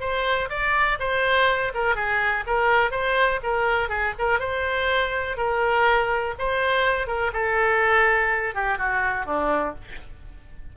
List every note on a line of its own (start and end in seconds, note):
0.00 0.49 C5
0.49 0.98 D5
0.99 1.72 C5
1.74 1.95 A#4
1.95 2.44 G#4
2.47 2.91 A#4
2.91 3.39 C5
3.43 3.89 A#4
3.89 4.13 G#4
4.18 4.39 A#4
4.39 5.37 C5
5.37 6.34 A#4
6.38 7.07 C5
7.07 7.31 A#4
7.33 8.54 A4
8.54 8.78 G4
8.78 9.26 F#4
9.26 9.74 D4